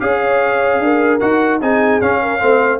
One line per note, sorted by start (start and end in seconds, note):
0.00 0.80 C#4
0.00 1.20 G#4
0.00 0.84 C#5
0.00 1.20 F5
0.80 1.20 D4
0.80 1.62 A#4
1.20 1.61 D#4
1.20 1.61 F#4
1.20 1.60 F#5
1.61 2.01 C4
1.61 2.02 D#4
1.61 2.22 G#4
1.61 2.01 G#5
2.01 2.40 C#4
2.01 2.41 C#4
2.01 2.80 F5
2.22 2.42 A#4
2.40 2.80 A3
2.40 2.80 C4
2.40 2.80 C5